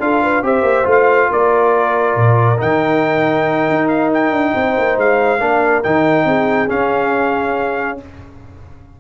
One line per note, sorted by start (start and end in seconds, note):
0.00 0.42 D4
0.00 0.43 F4
0.00 0.23 A4
0.00 0.44 F5
0.23 0.45 B4
0.42 0.63 C4
0.42 0.84 G4
0.42 1.30 C5
0.42 0.89 E5
0.63 0.84 A#3
0.84 1.29 A3
0.84 2.57 F4
0.91 1.32 F5
1.30 2.16 A#3
1.30 4.54 A#4
1.30 2.61 D5
2.16 2.59 A#2
2.58 3.69 D#3
2.58 5.39 D#4
2.58 3.88 G5
3.69 4.31 D#4
3.88 4.10 F5
4.14 4.99 G5
4.31 4.52 D4
4.55 4.77 C4
4.55 5.42 C5
4.78 4.97 A#3
4.97 5.40 G#3
4.97 5.83 F5
5.40 5.84 A#3
5.40 5.83 D4
5.40 6.27 A#4
5.83 6.25 D#3
5.83 6.68 D#4
5.83 6.70 G5
6.25 6.68 C4
6.25 8.00 G#4
6.68 7.98 C#4
6.68 8.00 C#4
6.68 7.99 F5